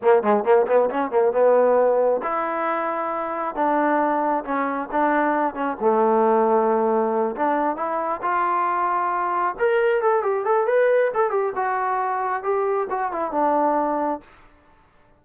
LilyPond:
\new Staff \with { instrumentName = "trombone" } { \time 4/4 \tempo 4 = 135 ais8 gis8 ais8 b8 cis'8 ais8 b4~ | b4 e'2. | d'2 cis'4 d'4~ | d'8 cis'8 a2.~ |
a8 d'4 e'4 f'4.~ | f'4. ais'4 a'8 g'8 a'8 | b'4 a'8 g'8 fis'2 | g'4 fis'8 e'8 d'2 | }